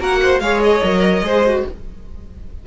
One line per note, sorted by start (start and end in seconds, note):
0.00 0.40 A#3
0.00 0.41 F#4
0.00 0.21 A#4
0.00 0.40 F#5
0.23 0.43 C5
0.40 0.81 G#3
0.40 0.84 G#4
0.40 1.25 C#5
0.40 0.61 F5
0.64 1.66 D#5
0.84 1.22 F#3
0.84 1.24 A#4
1.22 1.64 G#3
1.22 1.45 G#4
1.22 1.66 C5
1.47 1.68 F#4